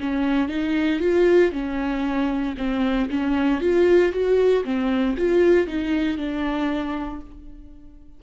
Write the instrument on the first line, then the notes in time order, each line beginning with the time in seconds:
viola
0.00 C#4
0.48 D#4
1.00 F4
1.52 C#4
2.58 C4
3.10 C#4
3.61 F4
4.12 F#4
4.64 C4
5.17 F4
5.67 D#4
6.17 D4